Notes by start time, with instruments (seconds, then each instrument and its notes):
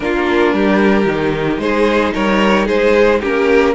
0.00 cello A#3, viola D4, violin F4 A#4
0.53 cello G3, violin G4
1.04 cello D#3, viola D#4
1.57 cello G#3, violin G#4 C5
2.14 cello G3, violin A#4 C#5
2.65 cello G#3, violin G#4 C5
3.20 cello A#3, viola C#4, violin G4 A#4